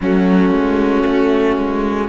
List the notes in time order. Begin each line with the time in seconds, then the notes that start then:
0.00 F#3 A3 C#4 F#4
0.51 G#3
1.06 A3
1.56 G#3